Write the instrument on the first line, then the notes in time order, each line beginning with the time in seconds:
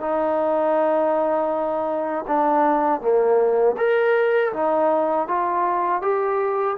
trombone
0.00 D#4
2.27 D4
3.01 A#3
3.77 A#4
4.53 D#4
5.28 F4
6.02 G4